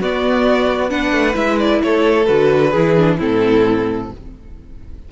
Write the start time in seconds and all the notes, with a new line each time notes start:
0.00 B3 F#4 D5
0.90 D4 B4 F#5
1.12 A3
1.33 G#3 E4 E5
1.59 D5
1.83 A3 A4 C#5
2.26 D3 F#4 B4
2.71 E3 E4 G#4
2.98 D4
3.19 A2 C4 E4 A4